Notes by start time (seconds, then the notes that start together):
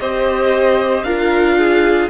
0.00 C4 G4 C5 D#5
1.03 D4 F4 A#4 F5
1.58 G#4